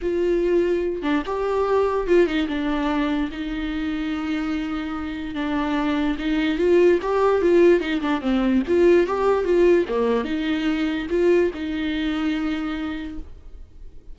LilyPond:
\new Staff \with { instrumentName = "viola" } { \time 4/4 \tempo 4 = 146 f'2~ f'8 d'8 g'4~ | g'4 f'8 dis'8 d'2 | dis'1~ | dis'4 d'2 dis'4 |
f'4 g'4 f'4 dis'8 d'8 | c'4 f'4 g'4 f'4 | ais4 dis'2 f'4 | dis'1 | }